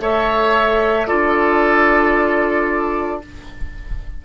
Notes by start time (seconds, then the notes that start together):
0.00 A3 A4 C#5 E5
1.07 D4 F4 A4 D5